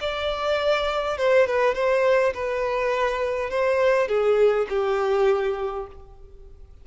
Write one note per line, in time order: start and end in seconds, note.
0.00 1.17 D5
1.17 1.47 C5
1.47 1.74 B4
1.74 2.33 C5
2.33 3.50 B4
3.50 4.07 C5
4.07 4.66 G#4
4.69 5.86 G4